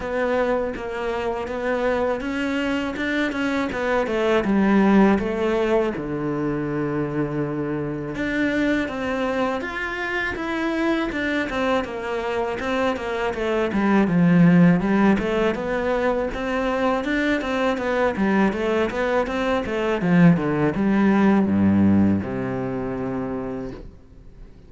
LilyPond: \new Staff \with { instrumentName = "cello" } { \time 4/4 \tempo 4 = 81 b4 ais4 b4 cis'4 | d'8 cis'8 b8 a8 g4 a4 | d2. d'4 | c'4 f'4 e'4 d'8 c'8 |
ais4 c'8 ais8 a8 g8 f4 | g8 a8 b4 c'4 d'8 c'8 | b8 g8 a8 b8 c'8 a8 f8 d8 | g4 g,4 c2 | }